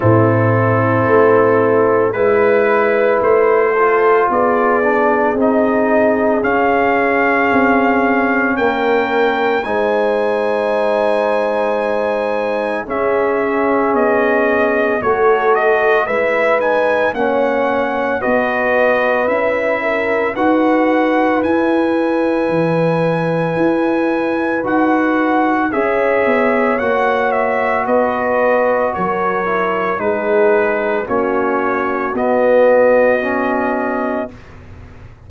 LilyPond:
<<
  \new Staff \with { instrumentName = "trumpet" } { \time 4/4 \tempo 4 = 56 a'2 b'4 c''4 | d''4 dis''4 f''2 | g''4 gis''2. | e''4 dis''4 cis''8 dis''8 e''8 gis''8 |
fis''4 dis''4 e''4 fis''4 | gis''2. fis''4 | e''4 fis''8 e''8 dis''4 cis''4 | b'4 cis''4 dis''2 | }
  \new Staff \with { instrumentName = "horn" } { \time 4/4 e'2 b'4. a'8 | gis'1 | ais'4 c''2. | gis'2 a'4 b'4 |
cis''4 b'4. ais'8 b'4~ | b'1 | cis''2 b'4 ais'4 | gis'4 fis'2. | }
  \new Staff \with { instrumentName = "trombone" } { \time 4/4 c'2 e'4. f'8~ | f'8 d'8 dis'4 cis'2~ | cis'4 dis'2. | cis'2 fis'4 e'8 dis'8 |
cis'4 fis'4 e'4 fis'4 | e'2. fis'4 | gis'4 fis'2~ fis'8 e'8 | dis'4 cis'4 b4 cis'4 | }
  \new Staff \with { instrumentName = "tuba" } { \time 4/4 a,4 a4 gis4 a4 | b4 c'4 cis'4 c'4 | ais4 gis2. | cis'4 b4 a4 gis4 |
ais4 b4 cis'4 dis'4 | e'4 e4 e'4 dis'4 | cis'8 b8 ais4 b4 fis4 | gis4 ais4 b2 | }
>>